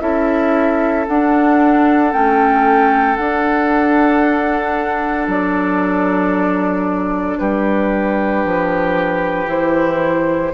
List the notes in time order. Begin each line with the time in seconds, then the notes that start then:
0.00 C#4 E4 A4 E5
1.08 D4 F#5
2.12 A3 C#4 G5
3.16 D4 F#5
5.28 F#3 D5
7.39 G3 G4 B4
8.45 F3
9.46 E3 E4 C5